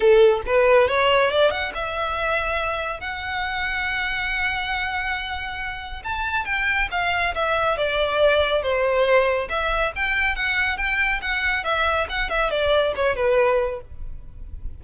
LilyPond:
\new Staff \with { instrumentName = "violin" } { \time 4/4 \tempo 4 = 139 a'4 b'4 cis''4 d''8 fis''8 | e''2. fis''4~ | fis''1~ | fis''2 a''4 g''4 |
f''4 e''4 d''2 | c''2 e''4 g''4 | fis''4 g''4 fis''4 e''4 | fis''8 e''8 d''4 cis''8 b'4. | }